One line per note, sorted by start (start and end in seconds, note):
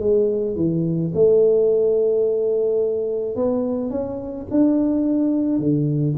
0.00 0.56 G#3
0.56 1.12 E3
1.14 3.36 A3
3.36 3.90 B3
3.90 4.47 C#4
4.51 5.59 D4
5.59 6.15 D3